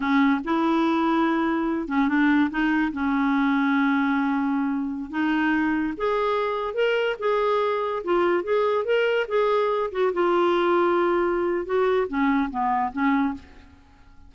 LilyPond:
\new Staff \with { instrumentName = "clarinet" } { \time 4/4 \tempo 4 = 144 cis'4 e'2.~ | e'8 cis'8 d'4 dis'4 cis'4~ | cis'1~ | cis'16 dis'2 gis'4.~ gis'16~ |
gis'16 ais'4 gis'2 f'8.~ | f'16 gis'4 ais'4 gis'4. fis'16~ | fis'16 f'2.~ f'8. | fis'4 cis'4 b4 cis'4 | }